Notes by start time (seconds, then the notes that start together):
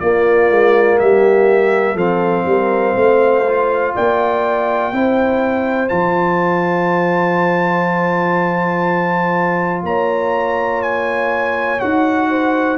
0.00 A#3 F4 D5
0.50 G#3
0.98 G3 G4 E5
1.94 F3 C4 A4 F5
2.45 G3 A#4
2.95 A3 C5
3.48 F4
3.95 A#3 D5 G5
4.92 C4 E4 C5
5.89 F3 F4 A5
9.83 A#3 C#5 A#5
10.82 G#5
11.80 D#4 F#4 F#5
12.30 C5